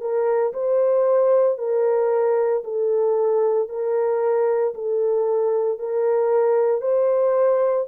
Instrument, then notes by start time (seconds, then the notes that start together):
horn
0.00 A#4
0.53 C5
1.58 A#4
2.64 A4
3.68 A#4
4.74 A4
5.78 A#4
6.81 C5